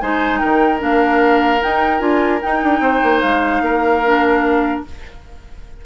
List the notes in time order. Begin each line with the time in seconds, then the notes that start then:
0.00 G#3 D#4 C5 G#5
0.38 D#3 A#4 G5
0.78 A#3 D4 F5
1.61 D#4 G5
1.99 D4 F4 G#5
2.41 D#4 G5
2.63 D4
2.80 C4 C5
3.03 A#3
3.20 G#3 F5
3.61 A#3 A#4
4.05 D4